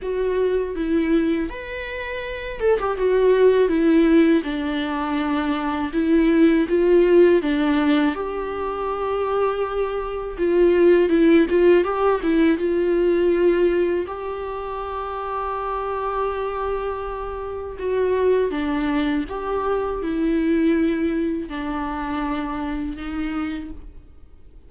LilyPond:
\new Staff \with { instrumentName = "viola" } { \time 4/4 \tempo 4 = 81 fis'4 e'4 b'4. a'16 g'16 | fis'4 e'4 d'2 | e'4 f'4 d'4 g'4~ | g'2 f'4 e'8 f'8 |
g'8 e'8 f'2 g'4~ | g'1 | fis'4 d'4 g'4 e'4~ | e'4 d'2 dis'4 | }